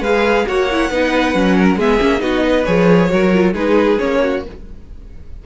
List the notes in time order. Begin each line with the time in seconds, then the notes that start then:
0.00 G#3 G#4 B4 F5
0.47 A#3 F#4 C#5 F#5
0.71 E4
0.90 B3 D#4 B4
1.34 F#3 C#4
1.57 A#4
1.76 G#3 B3 G#4 E5
2.00 A#3 C#4
2.19 B3 D#4 F#4 D#5
2.44 B4
2.65 F3 G#4 C#5
3.09 F#3 F#4 A#4
3.33 F4
3.53 G#3 D#4 G#4 B4
3.99 A#3 C#4 C#5
4.22 F#4